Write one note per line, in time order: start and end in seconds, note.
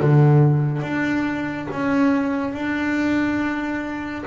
0.00 0.82 D3
0.82 1.68 D4
1.71 2.53 C#4
2.53 4.25 D4